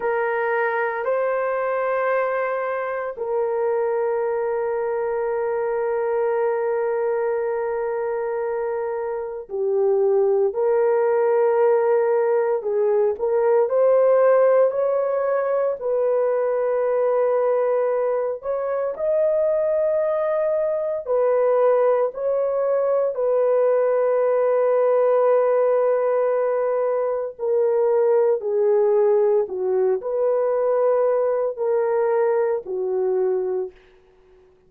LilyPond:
\new Staff \with { instrumentName = "horn" } { \time 4/4 \tempo 4 = 57 ais'4 c''2 ais'4~ | ais'1~ | ais'4 g'4 ais'2 | gis'8 ais'8 c''4 cis''4 b'4~ |
b'4. cis''8 dis''2 | b'4 cis''4 b'2~ | b'2 ais'4 gis'4 | fis'8 b'4. ais'4 fis'4 | }